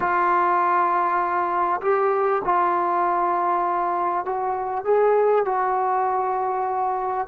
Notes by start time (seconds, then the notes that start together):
0.00 F4
1.81 G4
2.44 F4
4.25 F#4
4.84 G#4
5.45 F#4